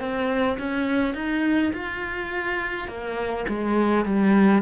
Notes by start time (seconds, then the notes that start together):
0.00 C4
0.58 C#4
1.14 D#4
1.74 F4
2.88 A#3
3.48 G#3
4.05 G3